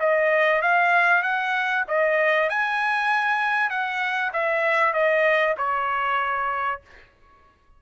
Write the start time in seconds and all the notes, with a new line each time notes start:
0.00 D#5
0.62 F5
1.23 F#5
1.88 D#5
2.49 G#5
3.70 F#5
4.33 E5
4.93 D#5
5.57 C#5